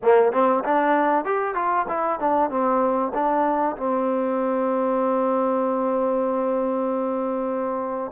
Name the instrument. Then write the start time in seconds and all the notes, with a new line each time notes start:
trombone
0.02 A#3
0.32 C4
0.64 D4
1.24 G4
1.55 F4
1.88 E4
2.19 D4
2.49 C4
3.14 D4
3.76 C4